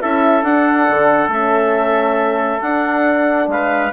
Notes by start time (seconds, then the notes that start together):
0.00 C#4 E4 A4 E5
0.43 D4 F#5
0.89 D3
1.28 A3 C#4 E5
2.61 D4 F#5
3.47 G#3 B4 F5